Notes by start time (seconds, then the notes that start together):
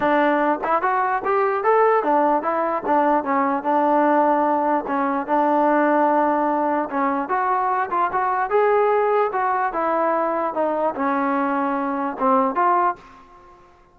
0.00 D4
0.64 E4
0.81 F#4
1.25 G4
1.63 A4
2.03 D4
2.42 E4
2.86 D4
3.24 C#4
3.63 D4
4.87 C#4
5.26 D4
6.89 C#4
7.28 F#4
7.90 F4
8.12 F#4
8.50 G#4
9.32 F#4
9.72 E4
10.54 D#4
10.95 C#4
12.19 C4
12.55 F4